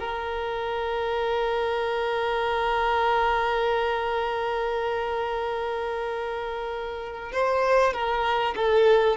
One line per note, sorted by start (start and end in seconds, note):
0.00 7.33 A#4
7.33 7.94 C5
7.94 8.55 A#4
8.56 9.17 A4